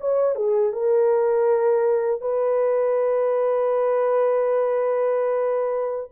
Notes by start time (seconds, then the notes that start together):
0.00 C#5
0.35 G#4
0.73 A#4
2.21 B4